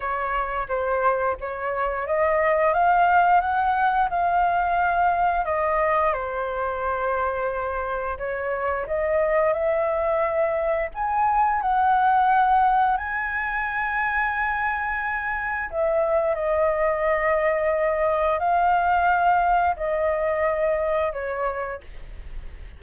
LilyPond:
\new Staff \with { instrumentName = "flute" } { \time 4/4 \tempo 4 = 88 cis''4 c''4 cis''4 dis''4 | f''4 fis''4 f''2 | dis''4 c''2. | cis''4 dis''4 e''2 |
gis''4 fis''2 gis''4~ | gis''2. e''4 | dis''2. f''4~ | f''4 dis''2 cis''4 | }